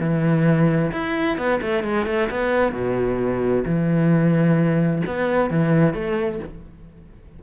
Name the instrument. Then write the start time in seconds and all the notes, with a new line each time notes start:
cello
0.00 E3
0.92 E4
1.37 B3
1.62 A3
1.84 G#3
2.06 A3
2.30 B3
2.73 B2
3.65 E3
5.07 B3
5.51 E3
5.94 A3